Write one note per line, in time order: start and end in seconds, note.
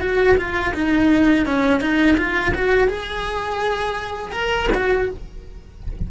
0.00 0.36 F#4
0.37 0.73 F4
0.74 1.46 D#4
1.46 1.80 C#4
1.80 2.17 D#4
2.17 2.53 F4
2.54 2.88 F#4
2.88 4.32 G#4
4.32 4.68 A#4
4.74 5.10 F#4